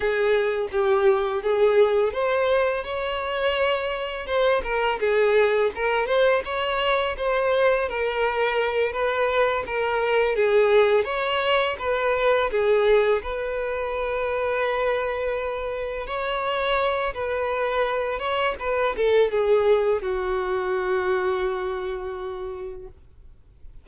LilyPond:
\new Staff \with { instrumentName = "violin" } { \time 4/4 \tempo 4 = 84 gis'4 g'4 gis'4 c''4 | cis''2 c''8 ais'8 gis'4 | ais'8 c''8 cis''4 c''4 ais'4~ | ais'8 b'4 ais'4 gis'4 cis''8~ |
cis''8 b'4 gis'4 b'4.~ | b'2~ b'8 cis''4. | b'4. cis''8 b'8 a'8 gis'4 | fis'1 | }